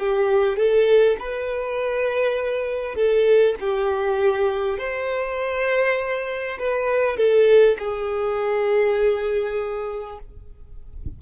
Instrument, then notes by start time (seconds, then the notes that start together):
violin
0.00 G4
0.57 A4
1.19 B4
2.96 A4
3.61 G4
4.78 C5
6.59 B4
7.18 A4
7.79 G#4